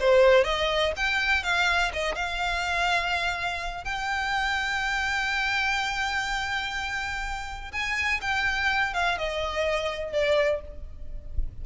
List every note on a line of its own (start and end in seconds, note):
0.00 0.44 C5
0.44 0.93 D#5
0.96 1.43 G5
1.43 1.92 F5
1.93 2.15 D#5
2.15 3.84 F5
3.84 7.71 G5
7.72 8.21 G#5
8.21 8.94 G5
8.94 9.18 F5
9.18 10.13 D#5
10.13 10.61 D5